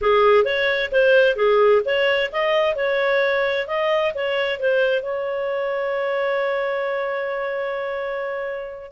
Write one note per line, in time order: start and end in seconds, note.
0.01 0.44 G#4
0.44 0.90 C#5
0.91 1.36 C5
1.36 1.82 G#4
1.85 2.30 C#5
2.32 2.75 D#5
2.75 3.67 C#5
3.67 4.13 D#5
4.14 4.59 C#5
4.59 5.02 C5
5.02 8.91 C#5